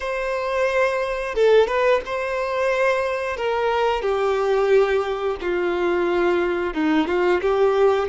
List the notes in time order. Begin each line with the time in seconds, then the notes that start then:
0.00 C5
1.35 A4
1.67 B4
2.05 C5
3.36 A#4
4.01 G4
5.41 F4
6.74 D#4
7.07 F4
7.41 G4